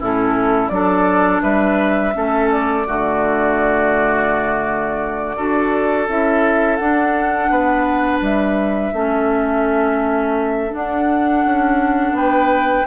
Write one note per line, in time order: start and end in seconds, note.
0.00 0.71 A2
0.00 0.71 C#4
0.00 0.72 E4
0.00 0.69 A4
0.69 1.42 F#3
0.69 2.14 D4
0.69 1.43 A4
0.69 1.40 D5
1.42 2.14 G3
1.42 2.14 B4
1.42 2.50 E5
2.14 2.87 A3
2.14 2.85 C#4
2.14 2.87 A4
2.52 6.09 D5
2.87 5.38 D3
2.87 5.36 A3
2.87 5.37 F#4
5.36 6.08 D4
5.36 6.08 F#4
5.36 7.51 A4
6.08 6.80 C#4
6.08 6.80 E4
6.08 6.76 E5
6.76 7.50 D4
6.76 8.94 D4
6.76 8.19 F#5
7.50 8.21 B3
7.50 8.94 B4
8.21 8.93 G3
8.21 10.74 E5
8.93 10.72 A3
8.93 10.70 C#4
8.93 12.16 A4
10.70 12.85 D4
10.70 11.45 D4
10.70 12.16 F#5
11.45 12.13 C#4
12.13 12.84 B3
12.13 12.87 B4
12.13 12.87 G5